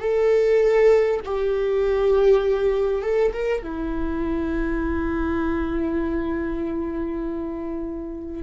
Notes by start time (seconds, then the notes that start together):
0.00 A4
1.25 G4
3.02 A4
3.33 A#4
3.62 E4